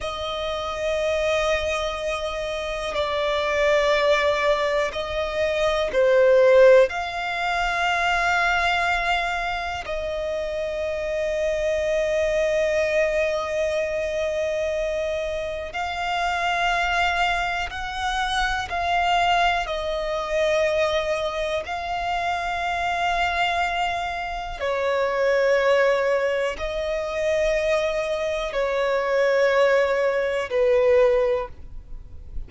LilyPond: \new Staff \with { instrumentName = "violin" } { \time 4/4 \tempo 4 = 61 dis''2. d''4~ | d''4 dis''4 c''4 f''4~ | f''2 dis''2~ | dis''1 |
f''2 fis''4 f''4 | dis''2 f''2~ | f''4 cis''2 dis''4~ | dis''4 cis''2 b'4 | }